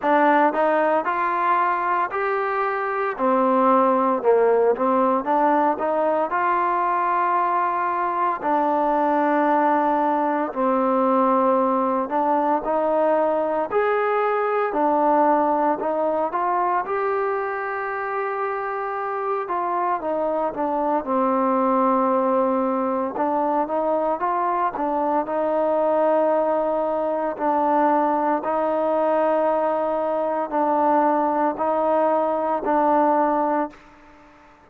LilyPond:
\new Staff \with { instrumentName = "trombone" } { \time 4/4 \tempo 4 = 57 d'8 dis'8 f'4 g'4 c'4 | ais8 c'8 d'8 dis'8 f'2 | d'2 c'4. d'8 | dis'4 gis'4 d'4 dis'8 f'8 |
g'2~ g'8 f'8 dis'8 d'8 | c'2 d'8 dis'8 f'8 d'8 | dis'2 d'4 dis'4~ | dis'4 d'4 dis'4 d'4 | }